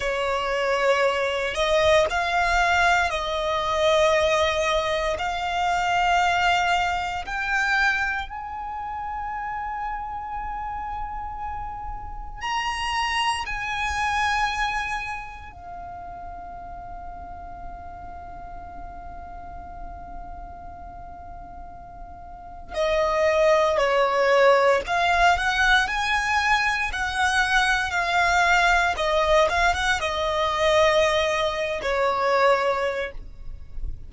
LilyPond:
\new Staff \with { instrumentName = "violin" } { \time 4/4 \tempo 4 = 58 cis''4. dis''8 f''4 dis''4~ | dis''4 f''2 g''4 | gis''1 | ais''4 gis''2 f''4~ |
f''1~ | f''2 dis''4 cis''4 | f''8 fis''8 gis''4 fis''4 f''4 | dis''8 f''16 fis''16 dis''4.~ dis''16 cis''4~ cis''16 | }